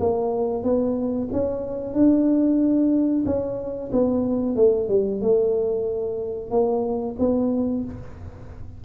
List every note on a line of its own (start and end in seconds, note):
0.00 0.64 A#3
0.64 1.29 B3
1.33 1.94 C#4
1.94 3.24 D4
3.26 3.91 C#4
3.92 4.56 B3
4.56 4.89 A3
4.89 5.22 G3
5.22 6.51 A3
6.51 7.16 A#3
7.19 7.85 B3